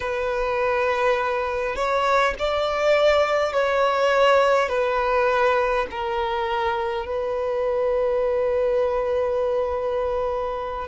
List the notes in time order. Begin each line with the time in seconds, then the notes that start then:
0.00 B4
1.75 C#5
2.39 D5
3.52 C#5
4.68 B4
5.90 A#4
7.05 B4